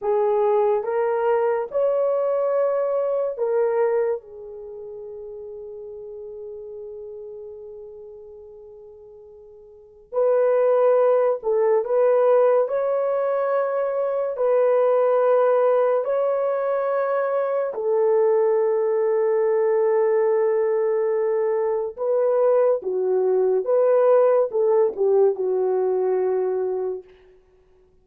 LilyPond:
\new Staff \with { instrumentName = "horn" } { \time 4/4 \tempo 4 = 71 gis'4 ais'4 cis''2 | ais'4 gis'2.~ | gis'1 | b'4. a'8 b'4 cis''4~ |
cis''4 b'2 cis''4~ | cis''4 a'2.~ | a'2 b'4 fis'4 | b'4 a'8 g'8 fis'2 | }